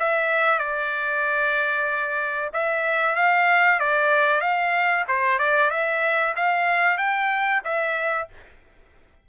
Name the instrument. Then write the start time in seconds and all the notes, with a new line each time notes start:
trumpet
0.00 E5
0.59 D5
2.54 E5
3.16 F5
3.80 D5
4.41 F5
5.08 C5
5.39 D5
5.71 E5
6.37 F5
6.98 G5
7.65 E5